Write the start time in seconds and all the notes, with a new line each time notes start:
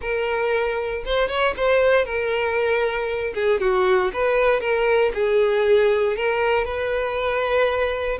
0.01 A#4
1.05 C5
1.28 C#5
1.56 C5
2.05 A#4
3.34 G#4
3.60 F#4
4.13 B4
4.60 A#4
5.14 G#4
6.16 A#4
6.65 B4